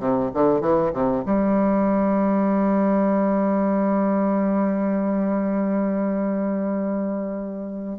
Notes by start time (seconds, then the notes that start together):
0.00 C3
0.34 D3
0.61 E3
0.93 C3
1.26 G3